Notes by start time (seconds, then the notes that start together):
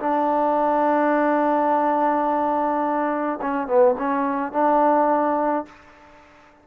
0.00 D4
3.42 C#4
3.67 B3
3.99 C#4
4.53 D4